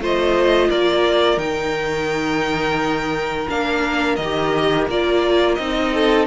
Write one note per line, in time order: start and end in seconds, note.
0.00 0.70 A3
0.00 1.38 F4
0.00 0.69 C5
0.00 0.70 D#5
0.69 1.37 A#3
0.69 5.92 A#4
0.69 1.39 D5
1.37 3.47 D#3
1.37 3.48 D#4
1.37 3.48 G5
3.49 4.18 A#3
3.49 4.19 D4
3.49 4.16 F5
4.16 4.88 D#3
4.16 4.86 D#5
4.24 4.90 G4
4.88 5.58 A#3
4.88 5.60 F4
4.88 5.56 D5
5.56 6.28 C4
5.56 6.28 D#4
5.56 6.25 D#5
5.94 6.28 A4